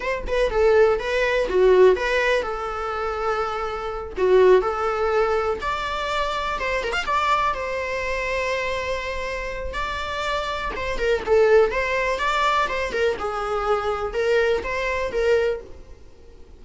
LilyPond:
\new Staff \with { instrumentName = "viola" } { \time 4/4 \tempo 4 = 123 c''8 b'8 a'4 b'4 fis'4 | b'4 a'2.~ | a'8 fis'4 a'2 d''8~ | d''4. c''8 ais'16 f''16 d''4 c''8~ |
c''1 | d''2 c''8 ais'8 a'4 | c''4 d''4 c''8 ais'8 gis'4~ | gis'4 ais'4 c''4 ais'4 | }